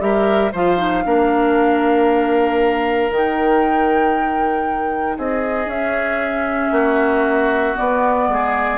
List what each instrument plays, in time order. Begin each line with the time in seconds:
0.00 bassoon G3, clarinet G4, oboe A#4, flute E5
0.52 bassoon F3, clarinet F4, oboe C5, flute F5
0.78 clarinet D#4
1.05 bassoon A#3, clarinet D4, oboe A#4
3.10 bassoon D#3, clarinet D#4, flute G5
5.18 bassoon C4, oboe G#4, flute D#5
5.67 bassoon C#4, clarinet C#4, flute E5
6.72 bassoon A#3, oboe F#4
7.76 clarinet B3, bassoon B3, flute D5
8.28 bassoon G#3, oboe G#4